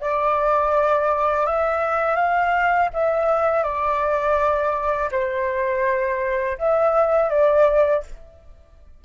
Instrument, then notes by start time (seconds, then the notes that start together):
flute
0.00 D5
1.46 E5
2.16 F5
2.93 E5
3.63 D5
5.11 C5
6.58 E5
7.29 D5